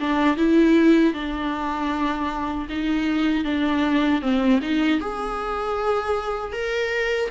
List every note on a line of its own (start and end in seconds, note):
0.00 0.37 D4
0.37 1.14 E4
1.14 2.68 D4
2.70 3.45 D#4
3.45 4.22 D4
4.22 4.60 C4
4.63 5.01 D#4
5.01 6.53 G#4
6.53 7.30 A#4